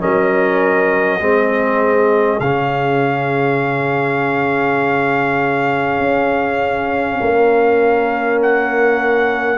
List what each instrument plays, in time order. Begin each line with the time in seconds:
0.00 tuba F#3, trombone C#4, horn A#4, trumpet D#5
1.20 tuba G#3, trombone C4, horn G#4
2.40 tuba C#3, trombone C#4, trumpet F5
5.99 tuba C#4
7.20 tuba A#3, horn A#4
8.43 trumpet F#5